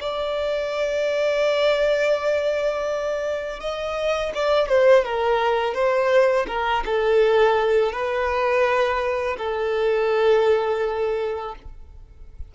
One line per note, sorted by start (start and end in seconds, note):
0.00 3.60 D5
3.60 4.32 D#5
4.34 4.68 D5
4.68 5.04 C5
5.04 5.74 A#4
5.74 6.46 C5
6.47 6.83 A#4
6.85 7.92 A4
7.92 9.36 B4
9.37 11.54 A4